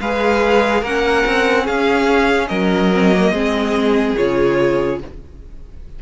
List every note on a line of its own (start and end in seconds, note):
0.00 0.82 G#3
0.00 0.85 G#4
0.00 0.80 B4
0.00 0.84 F5
0.80 1.24 A#3
0.80 2.93 C#4
0.80 1.64 A#4
0.80 1.67 F#5
1.26 1.68 C4
1.64 2.50 C#4
1.64 2.47 G#4
1.64 2.48 F5
2.48 3.31 F#3
2.48 3.32 A#4
2.48 4.15 D#5
2.93 3.12 C4
3.12 3.33 A#3
3.31 4.15 G#3
3.31 4.16 C4
3.31 4.99 G#4
4.16 5.02 C#3
4.16 5.00 F4
4.16 5.00 C#5